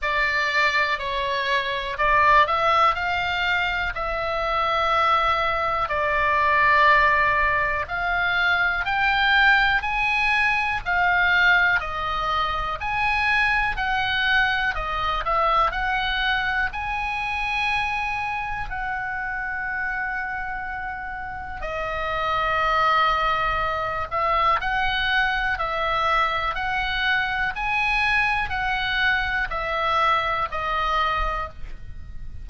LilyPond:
\new Staff \with { instrumentName = "oboe" } { \time 4/4 \tempo 4 = 61 d''4 cis''4 d''8 e''8 f''4 | e''2 d''2 | f''4 g''4 gis''4 f''4 | dis''4 gis''4 fis''4 dis''8 e''8 |
fis''4 gis''2 fis''4~ | fis''2 dis''2~ | dis''8 e''8 fis''4 e''4 fis''4 | gis''4 fis''4 e''4 dis''4 | }